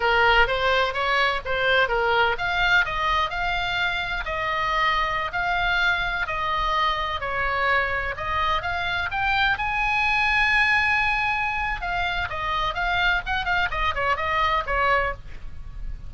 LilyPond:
\new Staff \with { instrumentName = "oboe" } { \time 4/4 \tempo 4 = 127 ais'4 c''4 cis''4 c''4 | ais'4 f''4 dis''4 f''4~ | f''4 dis''2~ dis''16 f''8.~ | f''4~ f''16 dis''2 cis''8.~ |
cis''4~ cis''16 dis''4 f''4 g''8.~ | g''16 gis''2.~ gis''8.~ | gis''4 f''4 dis''4 f''4 | fis''8 f''8 dis''8 cis''8 dis''4 cis''4 | }